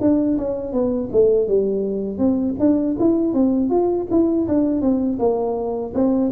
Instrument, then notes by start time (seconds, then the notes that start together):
tuba
0.00 D4
0.37 C#4
0.72 B3
1.12 A3
1.47 G3
2.18 C4
2.59 D4
2.99 E4
3.33 C4
3.70 F4
4.10 E4
4.47 D4
4.81 C4
5.19 A#3
5.94 C4